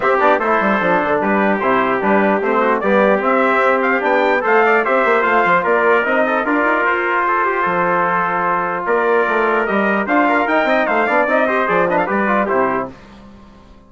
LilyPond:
<<
  \new Staff \with { instrumentName = "trumpet" } { \time 4/4 \tempo 4 = 149 e''8 d''8 c''2 b'4 | c''4 b'4 c''4 d''4 | e''4. f''8 g''4 f''4 | e''4 f''4 d''4 dis''4 |
d''4 c''2.~ | c''2 d''2 | dis''4 f''4 g''4 f''4 | dis''4 d''8 dis''16 f''16 d''4 c''4 | }
  \new Staff \with { instrumentName = "trumpet" } { \time 4/4 g'4 a'2 g'4~ | g'2~ g'8 fis'8 g'4~ | g'2. c''8 d''8 | c''2 ais'4. a'8 |
ais'2 a'8 g'8 a'4~ | a'2 ais'2~ | ais'4 c''8 ais'4 dis''8 c''8 d''8~ | d''8 c''4 b'16 a'16 b'4 g'4 | }
  \new Staff \with { instrumentName = "trombone" } { \time 4/4 c'8 d'8 e'4 d'2 | e'4 d'4 c'4 b4 | c'2 d'4 a'4 | g'4 f'2 dis'4 |
f'1~ | f'1 | g'4 f'4 dis'4. d'8 | dis'8 g'8 gis'8 d'8 g'8 f'8 e'4 | }
  \new Staff \with { instrumentName = "bassoon" } { \time 4/4 c'8 b8 a8 g8 f8 d8 g4 | c4 g4 a4 g4 | c'2 b4 a4 | c'8 ais8 a8 f8 ais4 c'4 |
d'8 dis'8 f'2 f4~ | f2 ais4 a4 | g4 d'4 dis'8 c'8 a8 b8 | c'4 f4 g4 c4 | }
>>